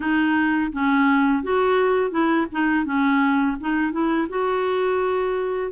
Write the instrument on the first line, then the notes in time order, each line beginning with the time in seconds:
clarinet
0.00 D#4
0.72 C#4
1.43 F#4
2.10 E4
2.52 D#4
2.85 C#4
3.60 D#4
3.92 E4
4.29 F#4